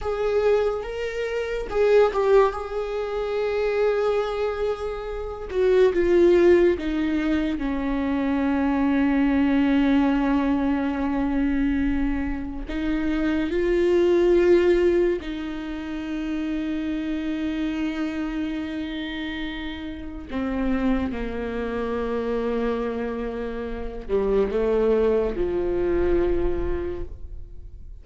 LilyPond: \new Staff \with { instrumentName = "viola" } { \time 4/4 \tempo 4 = 71 gis'4 ais'4 gis'8 g'8 gis'4~ | gis'2~ gis'8 fis'8 f'4 | dis'4 cis'2.~ | cis'2. dis'4 |
f'2 dis'2~ | dis'1 | c'4 ais2.~ | ais8 g8 a4 f2 | }